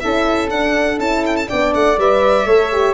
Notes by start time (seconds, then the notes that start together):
0.00 C#4 E4 A4 E5
0.50 D4 F#5
0.98 C#4 E4 A5
1.26 G5
1.36 A5
1.48 B3 D4 D5 G5
1.74 A3 F#5
1.98 G3 B4 E5
2.46 A3 A4 C#5
2.72 G4